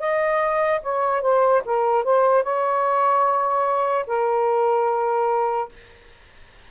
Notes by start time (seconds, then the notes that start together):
0.00 D#5
0.83 C#5
1.22 C5
1.65 A#4
2.05 C5
2.44 C#5
4.07 A#4